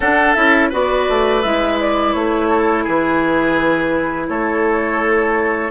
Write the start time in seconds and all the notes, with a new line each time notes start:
0.00 D4 A4 F#5
0.33 C#4 E4 E5
0.69 B3 F#4 B4 D5
1.08 A3
1.42 G#3 E4 E5
1.80 D5
2.13 A3 C#5
2.48 A4
2.83 E3 G#4 B4
4.28 A3 A4 C#5